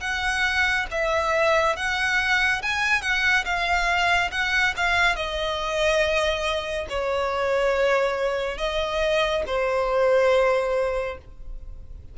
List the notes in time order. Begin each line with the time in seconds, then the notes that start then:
0.00 F#5
0.91 E5
1.76 F#5
2.62 G#5
3.02 F#5
3.44 F5
4.31 F#5
4.76 F5
5.15 D#5
6.89 C#5
8.57 D#5
9.46 C5